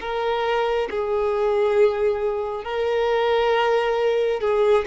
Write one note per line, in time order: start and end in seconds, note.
0.00 0.88 A#4
0.89 2.64 G#4
2.64 4.40 A#4
4.40 4.84 G#4